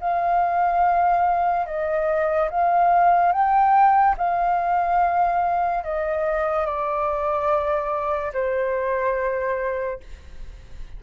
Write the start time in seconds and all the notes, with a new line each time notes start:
0.00 F5
1.66 D#5
2.50 F5
3.32 G5
4.17 F5
5.84 D#5
6.66 D5
8.33 C5